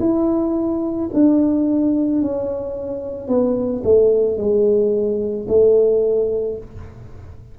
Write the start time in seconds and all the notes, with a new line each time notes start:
0.00 E4
1.14 D4
2.22 C#4
3.28 B3
3.84 A3
4.38 G#3
5.48 A3